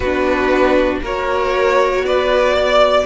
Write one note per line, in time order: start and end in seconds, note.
0.00 0.99 B3
0.00 1.03 D4
0.00 1.01 F#4
0.00 0.98 B4
1.02 2.03 A#3
1.02 3.05 F#4
1.02 2.04 A#4
1.02 2.05 C#5
2.03 3.04 B3
2.03 2.53 B4
2.03 3.05 D5
2.53 3.04 D5